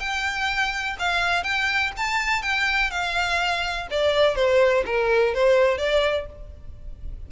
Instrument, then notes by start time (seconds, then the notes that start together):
violin
0.00 G5
0.99 F5
1.44 G5
1.97 A5
2.43 G5
2.91 F5
3.91 D5
4.36 C5
4.86 A#4
5.34 C5
5.78 D5